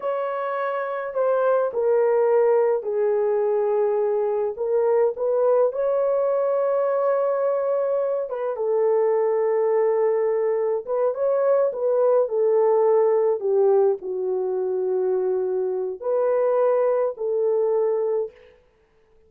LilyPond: \new Staff \with { instrumentName = "horn" } { \time 4/4 \tempo 4 = 105 cis''2 c''4 ais'4~ | ais'4 gis'2. | ais'4 b'4 cis''2~ | cis''2~ cis''8 b'8 a'4~ |
a'2. b'8 cis''8~ | cis''8 b'4 a'2 g'8~ | g'8 fis'2.~ fis'8 | b'2 a'2 | }